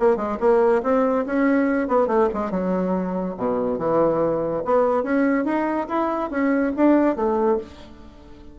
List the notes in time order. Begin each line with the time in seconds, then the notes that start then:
0.00 A#3
0.17 G#3
0.41 A#3
0.83 C4
1.26 C#4
1.89 B3
2.08 A3
2.34 G#3
2.51 F#3
3.38 B2
3.79 E3
4.65 B3
5.04 C#4
5.45 D#4
5.89 E4
6.31 C#4
6.77 D4
7.16 A3